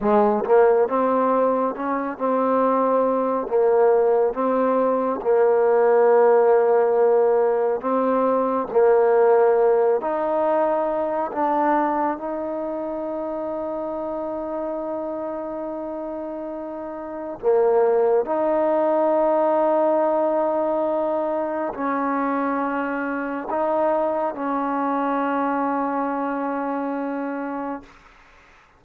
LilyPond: \new Staff \with { instrumentName = "trombone" } { \time 4/4 \tempo 4 = 69 gis8 ais8 c'4 cis'8 c'4. | ais4 c'4 ais2~ | ais4 c'4 ais4. dis'8~ | dis'4 d'4 dis'2~ |
dis'1 | ais4 dis'2.~ | dis'4 cis'2 dis'4 | cis'1 | }